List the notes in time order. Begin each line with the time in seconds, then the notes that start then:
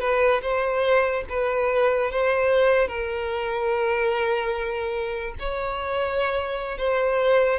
0.00 B4
0.42 C5
1.29 B4
2.11 C5
2.88 A#4
5.39 C#5
6.78 C5